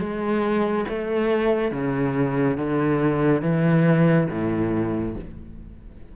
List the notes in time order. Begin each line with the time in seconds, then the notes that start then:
0.00 G#3
0.89 A3
1.72 C#3
2.58 D3
3.42 E3
4.30 A2